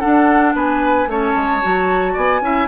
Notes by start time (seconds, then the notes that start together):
0.00 D4 A4 F#5
0.55 B3 B4 G#5
1.07 A3 C#4 C#5 A5
1.36 G#3
1.62 F#3 F#4
2.13 B3 D5 G#5
2.41 C#4 E4 E5